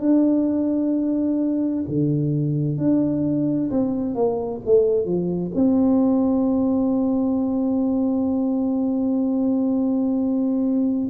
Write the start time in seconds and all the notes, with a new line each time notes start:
0.00 D4
1.88 D3
2.78 D4
3.70 C4
4.15 A#3
4.65 A3
5.05 F3
5.55 C4